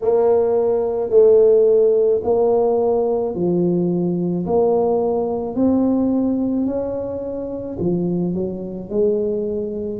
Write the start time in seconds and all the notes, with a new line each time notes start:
0.01 A#3
1.10 A3
2.23 A#3
3.34 F3
4.45 A#3
5.55 C4
6.66 C#4
7.79 F3
8.34 F#3
8.89 G#3